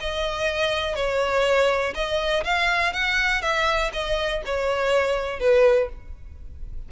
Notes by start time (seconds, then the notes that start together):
0.00 D#5
0.95 C#5
1.94 D#5
2.44 F5
2.93 F#5
3.42 E5
3.93 D#5
4.45 C#5
5.40 B4